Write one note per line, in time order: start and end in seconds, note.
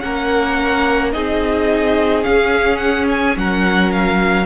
0.00 1.15 A#3
0.00 1.13 C#4
0.00 1.14 A#4
0.00 1.11 F#5
1.13 2.26 C4
1.13 2.22 D#4
1.13 3.36 G#4
1.13 2.24 D#5
2.22 4.44 C#4
2.22 3.36 C#4
2.22 2.77 F5
2.77 3.05 F#5
3.09 3.37 G#5
3.36 4.46 F#3
3.36 4.46 A#4
3.36 3.92 F#5
3.92 4.46 F5